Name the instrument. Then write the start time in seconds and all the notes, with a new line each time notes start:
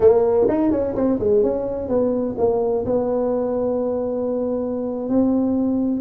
tuba
0.00 A#3
0.48 D#4
0.71 C#4
0.95 C4
1.19 G#3
1.42 C#4
1.88 B3
2.38 A#3
2.85 B3
5.09 C4